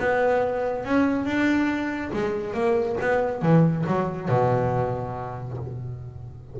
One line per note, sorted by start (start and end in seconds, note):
0.00 0.85 B3
0.85 1.26 C#4
1.26 2.11 D4
2.14 2.54 G#3
2.54 2.97 A#3
3.01 3.42 B3
3.42 3.85 E3
3.87 4.29 F#3
4.29 5.58 B2